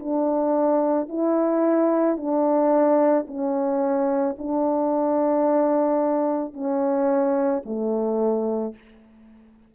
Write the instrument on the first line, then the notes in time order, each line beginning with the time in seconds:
horn
0.00 D4
1.09 E4
2.18 D4
3.28 C#4
4.39 D4
6.54 C#4
7.66 A3